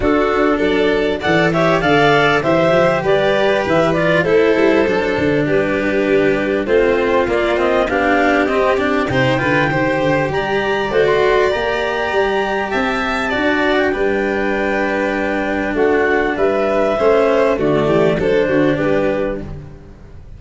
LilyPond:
<<
  \new Staff \with { instrumentName = "clarinet" } { \time 4/4 \tempo 4 = 99 a'4 d''4 fis''8 e''8 f''4 | e''4 d''4 e''8 d''8 c''4~ | c''4 b'2 c''4 | d''8 dis''8 f''4 dis''8 d''8 g''4~ |
g''4 ais''4 c''16 c'''8. ais''4~ | ais''4 a''4.~ a''16 g''4~ g''16~ | g''2 fis''4 e''4~ | e''4 d''4 c''4 b'4 | }
  \new Staff \with { instrumentName = "violin" } { \time 4/4 fis'4 a'4 d''8 cis''8 d''4 | c''4 b'2 a'4~ | a'4 g'2 f'4~ | f'4 g'2 c''8 b'8 |
c''4 d''2.~ | d''4 e''4 d''4 b'4~ | b'2 fis'4 b'4 | c''4 fis'8 g'8 a'8 fis'8 g'4 | }
  \new Staff \with { instrumentName = "cello" } { \time 4/4 d'2 a'8 g'8 a'4 | g'2~ g'8 f'8 e'4 | d'2. c'4 | ais8 c'8 d'4 c'8 d'8 dis'8 f'8 |
g'2 fis'4 g'4~ | g'2 fis'4 d'4~ | d'1 | cis'4 a4 d'2 | }
  \new Staff \with { instrumentName = "tuba" } { \time 4/4 d'4 fis4 e4 d4 | e8 f8 g4 e4 a8 g8 | fis8 d8 g2 a4 | ais4 b4 c'4 c8 d8 |
dis8 d8 g4 a4 ais4 | g4 c'4 d'4 g4~ | g2 a4 g4 | a4 d8 e8 fis8 d8 g4 | }
>>